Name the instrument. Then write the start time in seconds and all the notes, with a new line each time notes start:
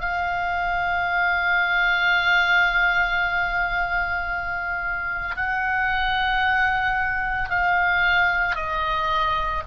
oboe
0.00 F5
5.36 F#5
7.50 F5
8.56 D#5